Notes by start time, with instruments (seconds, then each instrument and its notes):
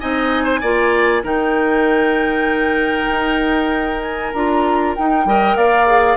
0.00 bassoon C4, clarinet D#4, oboe D#5, flute G#5
0.44 oboe C5
0.61 bassoon A#3, clarinet F4, oboe D5
1.23 bassoon D#3, clarinet D#4, oboe A#4, flute G5
3.09 bassoon D#4
4.01 flute G#5
4.32 bassoon D4, clarinet F4, flute A#5
4.96 clarinet D#4, bassoon D#4, flute G5
5.25 bassoon G3, clarinet A#4, oboe D#5
5.56 bassoon A#3, oboe D5, flute F5
5.87 clarinet G#4